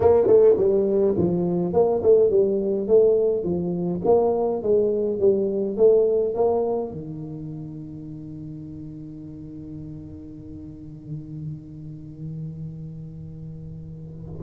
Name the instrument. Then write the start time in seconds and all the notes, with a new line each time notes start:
tuba
0.00 A#3
0.26 A3
0.57 G3
1.17 F3
1.73 A#3
2.02 A3
2.29 G3
2.87 A3
3.43 F3
4.04 A#3
4.62 G#3
5.19 G3
5.76 A3
6.34 A#3
6.91 D#3